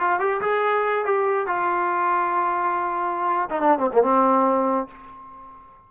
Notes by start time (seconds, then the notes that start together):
0.00 F4
0.20 G4
0.42 G#4
1.06 G4
1.47 F4
3.50 D#4
3.61 D4
3.79 C4
3.93 A#3
4.03 C4